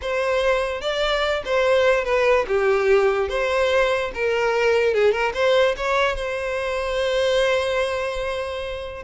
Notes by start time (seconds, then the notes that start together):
0.01 C5
0.81 D5
1.45 C5
2.04 B4
2.47 G4
3.29 C5
4.14 A#4
4.94 G#4
5.11 A#4
5.34 C5
5.76 C#5
6.15 C5